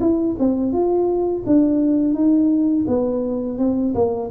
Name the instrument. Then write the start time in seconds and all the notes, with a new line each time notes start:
tuba
0.00 E4
0.39 C4
0.72 F4
1.46 D4
2.14 D#4
2.87 B3
3.58 C4
3.94 A#3